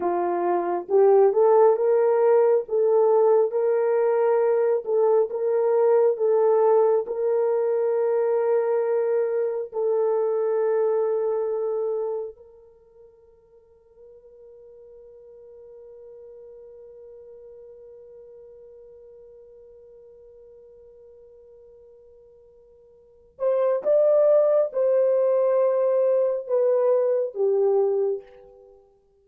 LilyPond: \new Staff \with { instrumentName = "horn" } { \time 4/4 \tempo 4 = 68 f'4 g'8 a'8 ais'4 a'4 | ais'4. a'8 ais'4 a'4 | ais'2. a'4~ | a'2 ais'2~ |
ais'1~ | ais'1~ | ais'2~ ais'8 c''8 d''4 | c''2 b'4 g'4 | }